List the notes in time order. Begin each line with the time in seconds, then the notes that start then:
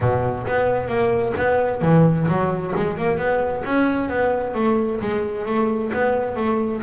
0.00 B2
0.47 B3
0.87 A#3
1.37 B3
1.81 E3
2.28 F#3
2.75 G#3
2.97 A#3
3.17 B3
3.64 C#4
4.09 B3
4.54 A3
5.00 G#3
5.45 A3
5.93 B3
6.36 A3